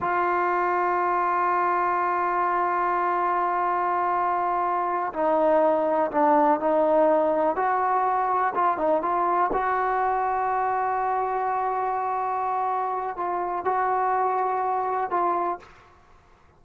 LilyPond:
\new Staff \with { instrumentName = "trombone" } { \time 4/4 \tempo 4 = 123 f'1~ | f'1~ | f'2~ f'8 dis'4.~ | dis'8 d'4 dis'2 fis'8~ |
fis'4. f'8 dis'8 f'4 fis'8~ | fis'1~ | fis'2. f'4 | fis'2. f'4 | }